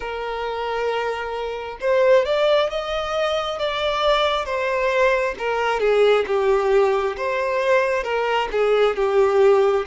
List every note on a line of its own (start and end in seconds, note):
0.00 1.78 A#4
1.80 2.25 C5
2.25 2.69 D5
2.69 3.58 D#5
3.58 4.45 D5
4.45 5.34 C5
5.38 5.80 A#4
5.80 6.24 G#4
6.26 7.16 G4
7.16 8.03 C5
8.03 8.48 A#4
8.51 8.96 G#4
8.96 9.85 G4